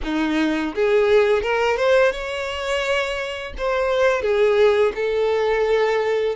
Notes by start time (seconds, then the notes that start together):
0.04 D#4
0.74 G#4
1.42 A#4
1.76 C5
2.12 C#5
3.57 C5
4.22 G#4
4.95 A4